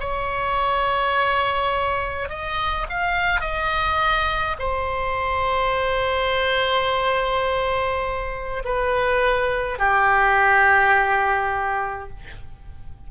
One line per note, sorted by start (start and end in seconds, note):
0.00 2.29 C#5
2.29 2.87 D#5
2.90 3.41 F5
3.41 4.56 D#5
4.59 8.63 C5
8.65 9.79 B4
9.79 12.10 G4